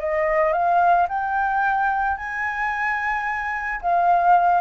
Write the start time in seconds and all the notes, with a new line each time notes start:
0.00 D#5
0.53 F5
1.09 G5
2.18 G#5
3.82 F5